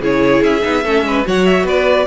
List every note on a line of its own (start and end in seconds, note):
0.00 0.41 C#3
0.00 0.61 E4
0.00 0.83 G#4
0.00 0.43 C#5
0.42 0.62 C#4
0.42 1.25 E5
0.61 0.85 B3
0.61 0.82 D#4
0.83 1.02 A3
0.83 1.25 C#4
0.83 1.04 A4
1.02 1.23 G#3
1.02 1.26 B4
1.25 1.63 F#3
1.25 2.06 F#4
1.25 1.65 C#5
1.25 1.45 F#5
1.45 1.66 E5
1.63 2.04 B3
1.63 2.06 B4
1.63 2.06 D5